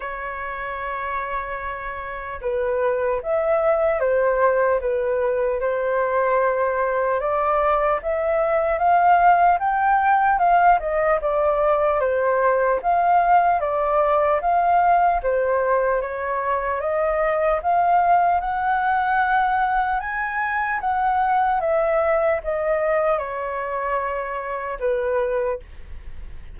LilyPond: \new Staff \with { instrumentName = "flute" } { \time 4/4 \tempo 4 = 75 cis''2. b'4 | e''4 c''4 b'4 c''4~ | c''4 d''4 e''4 f''4 | g''4 f''8 dis''8 d''4 c''4 |
f''4 d''4 f''4 c''4 | cis''4 dis''4 f''4 fis''4~ | fis''4 gis''4 fis''4 e''4 | dis''4 cis''2 b'4 | }